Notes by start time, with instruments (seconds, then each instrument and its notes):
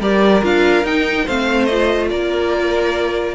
0.00 cello G3, viola G4, violin A#4 D5
0.42 cello D4, viola F4, violin F5
0.83 cello D#4, viola D#4, violin G5
1.25 cello A3, viola C4, violin C5 F5
1.65 viola F4, violin D#5
2.10 cello A#3, violin A#4 D5